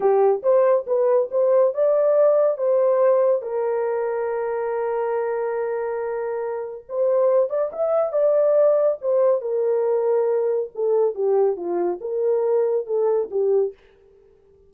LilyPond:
\new Staff \with { instrumentName = "horn" } { \time 4/4 \tempo 4 = 140 g'4 c''4 b'4 c''4 | d''2 c''2 | ais'1~ | ais'1 |
c''4. d''8 e''4 d''4~ | d''4 c''4 ais'2~ | ais'4 a'4 g'4 f'4 | ais'2 a'4 g'4 | }